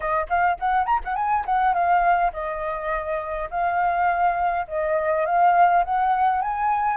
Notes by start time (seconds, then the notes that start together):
0.00 D#5
0.29 F5
0.59 F#5
0.86 A#5
1.04 F#5
1.15 G#5
1.45 F#5
1.73 F5
2.32 D#5
3.50 F5
4.67 D#5
5.25 F5
5.84 F#5
6.41 G#5